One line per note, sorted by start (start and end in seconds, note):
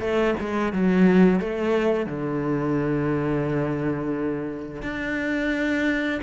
0.00 0.34 A3
0.39 0.72 G#3
0.72 1.39 F#3
1.39 2.06 A3
2.06 4.82 D3
4.82 6.20 D4